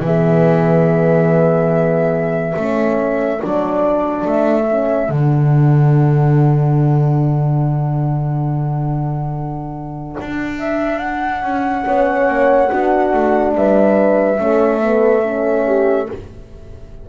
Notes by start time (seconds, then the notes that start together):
0.00 E3 B3 G#4 E5
2.56 A3 C#4 A4
3.37 D4 D5
3.44 F#3
4.25 A3 E5
4.71 C#4
5.07 D3 D4 F#5
10.20 D4
10.58 E5
10.99 F#5
11.42 C#4
11.84 B3 C#4 C#5
12.28 A#3
12.70 B3 D4 F#4
13.13 A3
13.55 G3 B4 E5
14.38 A3 C#4 A4
14.82 B3
15.23 C#4
15.66 G4